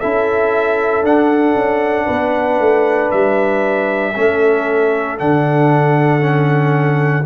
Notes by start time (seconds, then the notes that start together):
0.00 C#4 E4 A4 E5
1.02 D4 F#5
1.56 C#4
2.06 B3 B4
2.60 A3
3.11 G3 E5
4.16 A3 C#4 A4
5.19 D3 D4 F#5
6.21 C#4